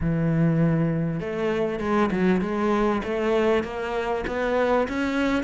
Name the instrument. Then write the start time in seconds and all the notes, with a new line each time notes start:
cello
0.01 E3
1.20 A3
1.79 G#3
2.11 F#3
2.41 G#3
3.03 A3
3.63 A#3
4.27 B3
4.88 C#4